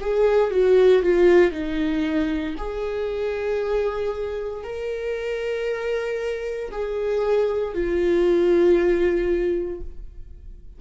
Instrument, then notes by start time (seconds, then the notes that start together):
viola
0.00 G#4
0.51 F#4
1.03 F4
1.52 D#4
2.58 G#4
4.64 A#4
6.71 G#4
7.74 F4